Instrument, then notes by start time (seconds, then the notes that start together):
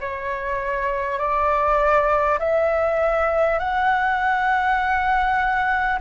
flute
0.00 C#5
1.19 D5
2.39 E5
3.59 F#5